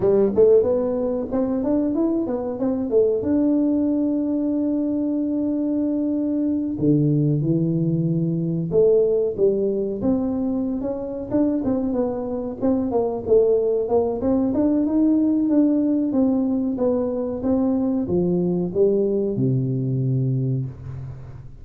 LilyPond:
\new Staff \with { instrumentName = "tuba" } { \time 4/4 \tempo 4 = 93 g8 a8 b4 c'8 d'8 e'8 b8 | c'8 a8 d'2.~ | d'2~ d'8 d4 e8~ | e4. a4 g4 c'8~ |
c'8. cis'8. d'8 c'8 b4 c'8 | ais8 a4 ais8 c'8 d'8 dis'4 | d'4 c'4 b4 c'4 | f4 g4 c2 | }